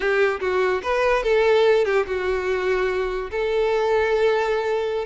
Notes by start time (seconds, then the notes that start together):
0.00 G4
0.40 F#4
0.83 B4
1.23 A4
1.85 G4
2.06 F#4
3.30 A4